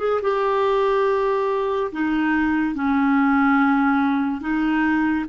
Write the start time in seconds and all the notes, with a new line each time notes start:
0.00 G#4
0.23 G4
1.92 D#4
2.75 C#4
4.41 D#4